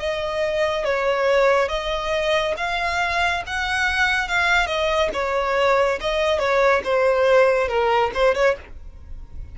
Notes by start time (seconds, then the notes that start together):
0.00 D#5
0.85 C#5
1.69 D#5
2.58 F5
3.47 F#5
4.29 F5
4.67 D#5
5.14 C#5
6.01 D#5
6.40 C#5
6.85 C5
7.69 A#4
8.15 C5
8.35 C#5